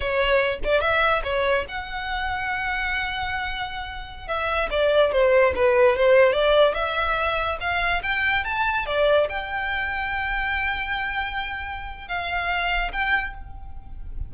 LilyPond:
\new Staff \with { instrumentName = "violin" } { \time 4/4 \tempo 4 = 144 cis''4. d''8 e''4 cis''4 | fis''1~ | fis''2~ fis''16 e''4 d''8.~ | d''16 c''4 b'4 c''4 d''8.~ |
d''16 e''2 f''4 g''8.~ | g''16 a''4 d''4 g''4.~ g''16~ | g''1~ | g''4 f''2 g''4 | }